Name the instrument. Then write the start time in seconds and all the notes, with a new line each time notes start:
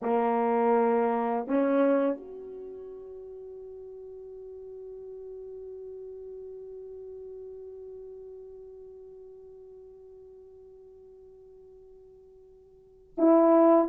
horn
0.02 A#3
1.47 C#4
2.17 F#4
13.17 E4